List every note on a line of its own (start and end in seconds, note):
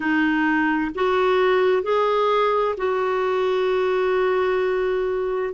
0.00 0.91 D#4
0.94 1.83 F#4
1.83 2.75 G#4
2.77 5.54 F#4